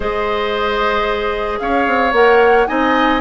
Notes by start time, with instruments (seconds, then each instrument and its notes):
0.00 bassoon G#3, clarinet G#4, oboe C5, flute D#5
1.59 bassoon C#4, oboe C#5, flute F5
1.87 bassoon C4
2.12 bassoon A#3, clarinet A#4, flute F#5
2.67 bassoon C4, clarinet D#4, oboe D#5, flute G#5